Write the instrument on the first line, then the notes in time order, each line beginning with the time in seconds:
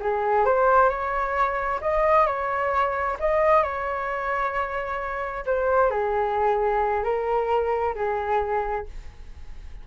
flute
0.00 G#4
0.45 C5
0.89 C#5
1.81 D#5
2.26 C#5
3.19 D#5
3.62 C#5
5.45 C5
5.90 G#4
7.03 A#4
7.95 G#4